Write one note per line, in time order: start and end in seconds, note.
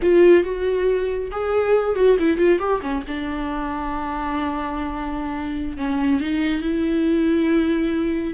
0.02 0.43 F4
0.43 1.30 F#4
1.31 1.95 G#4
1.95 2.17 F#4
2.19 2.37 E4
2.37 2.59 F4
2.59 2.81 G4
2.81 3.03 C#4
3.07 5.77 D4
5.77 6.20 C#4
6.20 6.61 D#4
6.61 8.34 E4